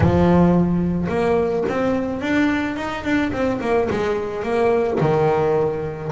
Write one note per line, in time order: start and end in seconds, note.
0.00 1.07 F3
1.09 1.64 A#3
1.68 2.21 C4
2.21 2.76 D4
2.76 3.04 D#4
3.04 3.31 D4
3.32 3.60 C4
3.61 3.88 A#3
3.90 4.43 G#3
4.43 4.98 A#3
5.00 6.11 D#3